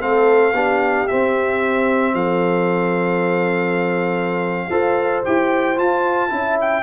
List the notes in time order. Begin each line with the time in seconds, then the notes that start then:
0.00 A3 C4 A4 F5
0.53 B3 D4 G4
1.07 C4 E5
2.14 F3 A4 F5
4.69 F4 A4 C5
5.24 E4 G4 G5
5.76 F4 A5
6.29 C#4 E4 E5
6.61 G5